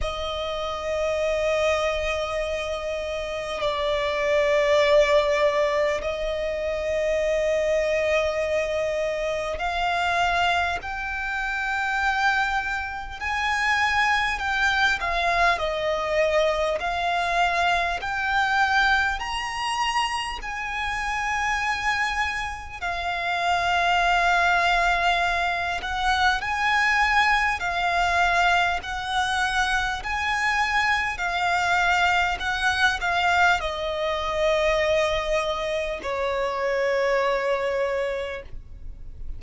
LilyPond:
\new Staff \with { instrumentName = "violin" } { \time 4/4 \tempo 4 = 50 dis''2. d''4~ | d''4 dis''2. | f''4 g''2 gis''4 | g''8 f''8 dis''4 f''4 g''4 |
ais''4 gis''2 f''4~ | f''4. fis''8 gis''4 f''4 | fis''4 gis''4 f''4 fis''8 f''8 | dis''2 cis''2 | }